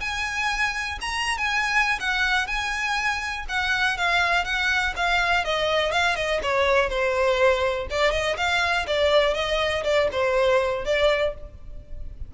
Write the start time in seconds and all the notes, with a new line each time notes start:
0.00 G#5
1.01 A#5
1.38 G#5
2.00 F#5
2.47 G#5
3.49 F#5
3.97 F5
4.45 F#5
4.96 F5
5.45 D#5
5.92 F5
6.16 D#5
6.43 C#5
6.89 C5
7.90 D5
8.11 D#5
8.37 F5
8.87 D5
9.34 D#5
9.84 D5
10.12 C5
10.85 D5